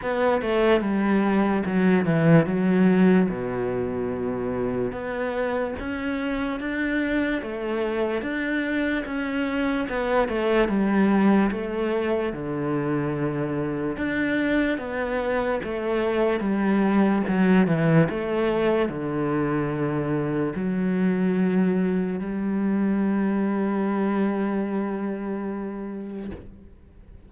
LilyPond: \new Staff \with { instrumentName = "cello" } { \time 4/4 \tempo 4 = 73 b8 a8 g4 fis8 e8 fis4 | b,2 b4 cis'4 | d'4 a4 d'4 cis'4 | b8 a8 g4 a4 d4~ |
d4 d'4 b4 a4 | g4 fis8 e8 a4 d4~ | d4 fis2 g4~ | g1 | }